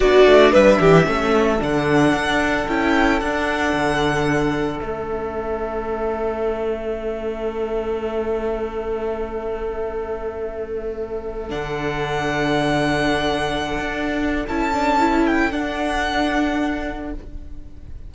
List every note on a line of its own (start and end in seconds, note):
0.00 0.26 B3
0.00 1.04 D4
0.00 0.52 F#4
0.00 0.53 D5
0.26 0.52 A3
0.52 0.80 G3
0.52 0.78 B4
0.52 1.60 E5
0.80 1.06 E3
0.80 1.06 G4
1.04 1.60 A3
1.04 1.58 C#4
1.04 17.14 A4
1.58 2.13 D3
1.58 2.66 D4
1.58 2.68 F#5
2.13 2.66 D4
2.67 3.21 C#4
2.67 3.22 E4
2.67 3.20 G5
3.20 3.72 D4
3.20 4.83 D4
3.20 4.79 F#5
3.72 4.80 D3
4.79 11.50 A3
4.79 11.49 C#4
4.79 11.49 E5
11.49 13.78 D3
11.49 14.44 D4
11.49 14.45 F#5
13.78 14.45 D4
14.48 15.52 C#4
14.48 14.73 E4
14.48 15.26 A5
14.73 14.98 D4
14.98 15.51 E4
15.26 15.51 G5
15.51 17.12 D4
15.51 17.13 D4
15.51 17.12 F#5